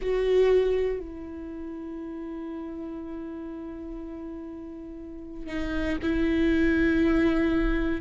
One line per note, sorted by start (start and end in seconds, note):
0.01 1.00 F#4
1.00 5.46 E4
5.46 5.96 D#4
6.02 8.01 E4